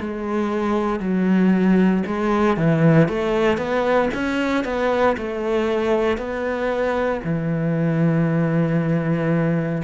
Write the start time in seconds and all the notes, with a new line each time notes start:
0.00 G#3
1.00 F#3
2.06 G#3
2.57 E3
3.09 A3
3.58 B3
4.14 C#4
4.65 B3
5.18 A3
6.18 B3
7.24 E3